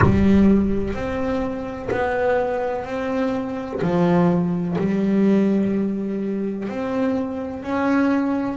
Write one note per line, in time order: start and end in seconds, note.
0.02 0.94 G3
0.94 1.89 C4
1.90 2.84 B3
2.84 3.80 C4
3.81 4.77 F3
4.78 6.68 G3
6.68 7.62 C4
7.62 8.57 C#4